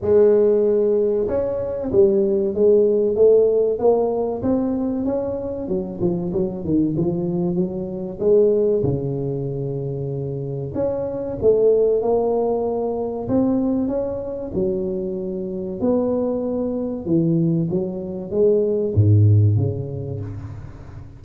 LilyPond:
\new Staff \with { instrumentName = "tuba" } { \time 4/4 \tempo 4 = 95 gis2 cis'4 g4 | gis4 a4 ais4 c'4 | cis'4 fis8 f8 fis8 dis8 f4 | fis4 gis4 cis2~ |
cis4 cis'4 a4 ais4~ | ais4 c'4 cis'4 fis4~ | fis4 b2 e4 | fis4 gis4 gis,4 cis4 | }